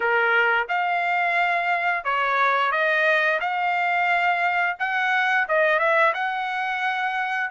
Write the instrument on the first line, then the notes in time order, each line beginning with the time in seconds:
trumpet
0.00 A#4
0.68 F5
2.04 C#5
2.71 D#5
3.40 F5
4.79 F#5
5.48 D#5
5.79 E5
6.14 F#5